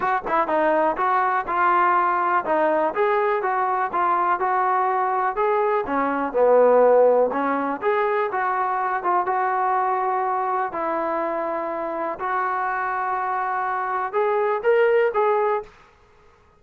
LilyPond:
\new Staff \with { instrumentName = "trombone" } { \time 4/4 \tempo 4 = 123 fis'8 e'8 dis'4 fis'4 f'4~ | f'4 dis'4 gis'4 fis'4 | f'4 fis'2 gis'4 | cis'4 b2 cis'4 |
gis'4 fis'4. f'8 fis'4~ | fis'2 e'2~ | e'4 fis'2.~ | fis'4 gis'4 ais'4 gis'4 | }